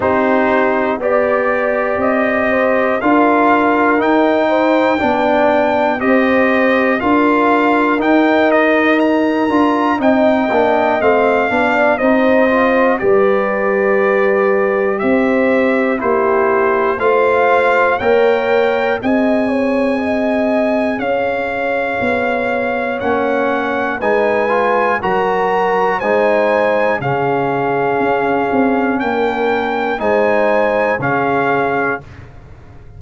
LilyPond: <<
  \new Staff \with { instrumentName = "trumpet" } { \time 4/4 \tempo 4 = 60 c''4 d''4 dis''4 f''4 | g''2 dis''4 f''4 | g''8 dis''8 ais''4 g''4 f''4 | dis''4 d''2 e''4 |
c''4 f''4 g''4 gis''4~ | gis''4 f''2 fis''4 | gis''4 ais''4 gis''4 f''4~ | f''4 g''4 gis''4 f''4 | }
  \new Staff \with { instrumentName = "horn" } { \time 4/4 g'4 d''4. c''8 ais'4~ | ais'8 c''8 d''4 c''4 ais'4~ | ais'2 dis''4. d''8 | c''4 b'2 c''4 |
g'4 c''4 cis''4 dis''8 cis''8 | dis''4 cis''2. | b'4 ais'4 c''4 gis'4~ | gis'4 ais'4 c''4 gis'4 | }
  \new Staff \with { instrumentName = "trombone" } { \time 4/4 dis'4 g'2 f'4 | dis'4 d'4 g'4 f'4 | dis'4. f'8 dis'8 d'8 c'8 d'8 | dis'8 f'8 g'2. |
e'4 f'4 ais'4 gis'4~ | gis'2. cis'4 | dis'8 f'8 fis'4 dis'4 cis'4~ | cis'2 dis'4 cis'4 | }
  \new Staff \with { instrumentName = "tuba" } { \time 4/4 c'4 b4 c'4 d'4 | dis'4 b4 c'4 d'4 | dis'4. d'8 c'8 ais8 a8 b8 | c'4 g2 c'4 |
ais4 a4 ais4 c'4~ | c'4 cis'4 b4 ais4 | gis4 fis4 gis4 cis4 | cis'8 c'8 ais4 gis4 cis4 | }
>>